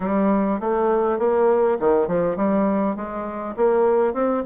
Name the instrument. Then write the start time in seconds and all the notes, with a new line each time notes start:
bassoon
0.00 G3
0.60 A3
1.18 A#3
1.79 D#3
2.07 F3
2.36 G3
2.95 G#3
3.56 A#3
4.13 C4